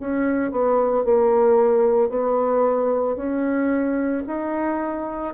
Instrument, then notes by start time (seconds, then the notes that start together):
bassoon
0.00 C#4
0.52 B3
1.05 A#3
2.09 B3
3.16 C#4
4.27 D#4